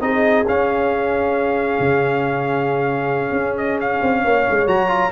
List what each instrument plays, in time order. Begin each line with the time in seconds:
0.00 tuba C4, trombone D#4, horn G#4, trumpet D#5
0.47 tuba C#4, trombone C#4, trumpet F5
1.79 tuba C#3
3.31 tuba C#4
3.57 trumpet D#5
3.80 trumpet F5
4.02 tuba C4
4.23 tuba A#3, horn C#5
4.50 tuba G#3
4.66 tuba F#3, trombone F#4, trumpet A#5
4.88 trombone F4